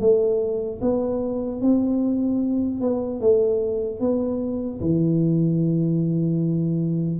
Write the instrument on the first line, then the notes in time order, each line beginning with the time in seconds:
tuba
0.00 A3
0.81 B3
1.61 C4
2.81 B3
3.20 A3
4.00 B3
4.80 E3